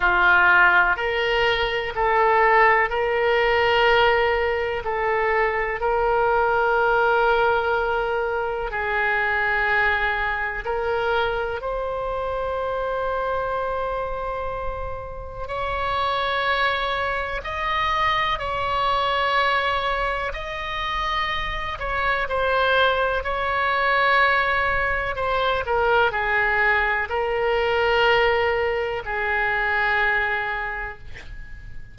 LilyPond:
\new Staff \with { instrumentName = "oboe" } { \time 4/4 \tempo 4 = 62 f'4 ais'4 a'4 ais'4~ | ais'4 a'4 ais'2~ | ais'4 gis'2 ais'4 | c''1 |
cis''2 dis''4 cis''4~ | cis''4 dis''4. cis''8 c''4 | cis''2 c''8 ais'8 gis'4 | ais'2 gis'2 | }